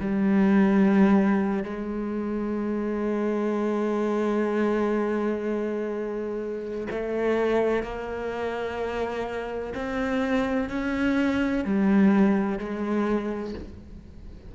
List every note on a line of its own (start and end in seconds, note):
0.00 1.64 G3
1.64 6.87 G#3
6.90 7.83 A3
7.83 9.74 A#3
9.74 10.69 C4
10.69 11.65 C#4
11.65 12.59 G3
12.59 13.54 G#3